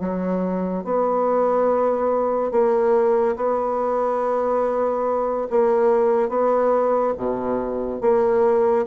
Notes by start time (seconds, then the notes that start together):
0.00 F#3
0.85 B3
2.52 A#3
3.37 B3
5.50 A#3
6.29 B3
7.18 B2
8.02 A#3